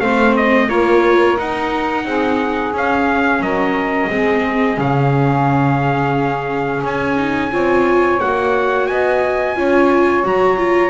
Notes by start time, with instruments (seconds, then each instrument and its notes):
0.00 double bass A3, viola C4, saxophone C5, trumpet F5
0.37 trumpet D#5
0.68 double bass A#3, viola F4, saxophone A#4, trumpet C#5
1.37 viola D#4, double bass D#4, trumpet F#5
2.05 double bass C4, saxophone G#4
2.73 double bass C#4, viola C#4, trumpet F5
3.40 double bass F#3, saxophone A#4, trumpet D#5
4.10 double bass G#3, viola C4, saxophone G#4
4.77 double bass C#3, viola C#4, trumpet F5
6.84 double bass C#4, trumpet G#5
7.17 viola D#4
7.51 double bass C4, viola F4, saxophone C#5
8.20 double bass A#3, viola F#4, trumpet F#5
8.87 double bass B3, saxophone D#5, trumpet G#5
9.56 double bass C#4, viola F4, saxophone C#5
10.23 double bass F#3, viola F#4, trumpet A#5
10.58 viola F4